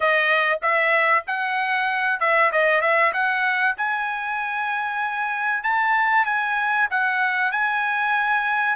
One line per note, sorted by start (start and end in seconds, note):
0.00 0.59 D#5
0.61 1.24 E5
1.27 2.20 F#5
2.20 2.51 E5
2.51 2.81 D#5
2.81 3.12 E5
3.13 3.75 F#5
3.77 5.63 G#5
5.63 6.25 A5
6.25 6.88 G#5
6.90 7.51 F#5
7.51 8.76 G#5